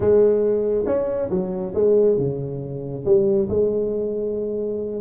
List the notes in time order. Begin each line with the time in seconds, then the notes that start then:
0.00 G#3
0.86 C#4
1.30 F#3
1.74 G#3
2.17 C#3
3.05 G3
3.49 G#3